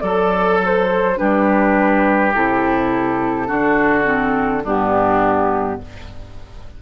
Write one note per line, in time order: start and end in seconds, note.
0.00 1.17 F#3
0.00 1.16 A4
0.00 1.18 A4
0.00 0.58 D5
0.65 1.17 C5
1.16 2.34 G3
1.16 2.32 D4
1.16 3.47 G4
1.16 2.33 B4
2.34 3.49 C3
2.34 3.47 E4
2.34 4.64 A4
3.47 4.64 D3
3.47 4.04 D4
3.47 4.62 F#4
4.04 4.62 C4
4.64 5.79 G2
4.64 5.81 B3
4.64 5.79 D4
4.64 5.81 G4